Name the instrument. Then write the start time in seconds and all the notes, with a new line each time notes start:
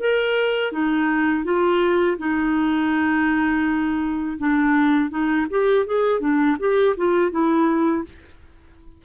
clarinet
0.00 A#4
0.73 D#4
1.44 F4
2.19 D#4
4.38 D4
5.10 D#4
5.50 G4
5.86 G#4
6.20 D4
6.60 G4
6.97 F4
7.31 E4